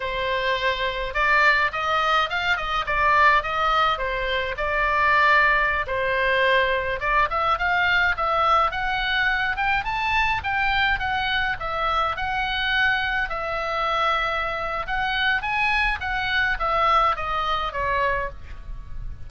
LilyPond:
\new Staff \with { instrumentName = "oboe" } { \time 4/4 \tempo 4 = 105 c''2 d''4 dis''4 | f''8 dis''8 d''4 dis''4 c''4 | d''2~ d''16 c''4.~ c''16~ | c''16 d''8 e''8 f''4 e''4 fis''8.~ |
fis''8. g''8 a''4 g''4 fis''8.~ | fis''16 e''4 fis''2 e''8.~ | e''2 fis''4 gis''4 | fis''4 e''4 dis''4 cis''4 | }